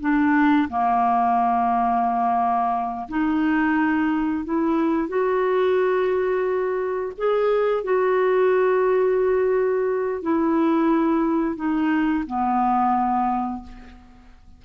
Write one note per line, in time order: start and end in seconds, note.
0.00 0.68 D4
0.69 3.08 A#3
3.09 4.45 D#4
4.45 5.08 E4
5.08 7.13 F#4
7.17 7.84 G#4
7.84 10.22 F#4
10.22 11.56 E4
11.56 12.24 D#4
12.27 13.63 B3